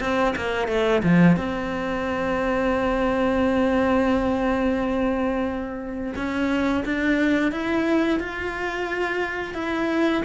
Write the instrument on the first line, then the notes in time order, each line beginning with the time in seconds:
cello
0.00 C4
0.36 A#3
0.68 A3
1.03 F3
1.36 C4
6.15 C#4
6.84 D4
7.52 E4
8.19 F4
9.54 E4